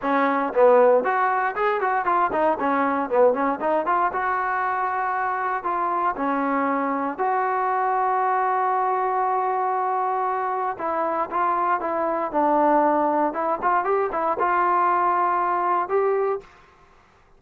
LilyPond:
\new Staff \with { instrumentName = "trombone" } { \time 4/4 \tempo 4 = 117 cis'4 b4 fis'4 gis'8 fis'8 | f'8 dis'8 cis'4 b8 cis'8 dis'8 f'8 | fis'2. f'4 | cis'2 fis'2~ |
fis'1~ | fis'4 e'4 f'4 e'4 | d'2 e'8 f'8 g'8 e'8 | f'2. g'4 | }